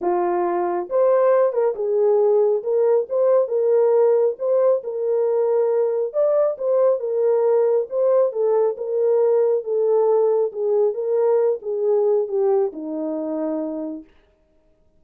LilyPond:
\new Staff \with { instrumentName = "horn" } { \time 4/4 \tempo 4 = 137 f'2 c''4. ais'8 | gis'2 ais'4 c''4 | ais'2 c''4 ais'4~ | ais'2 d''4 c''4 |
ais'2 c''4 a'4 | ais'2 a'2 | gis'4 ais'4. gis'4. | g'4 dis'2. | }